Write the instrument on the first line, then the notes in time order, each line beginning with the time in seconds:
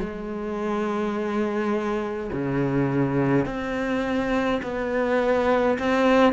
cello
0.00 G#3
2.32 C#3
3.46 C4
4.63 B3
5.79 C4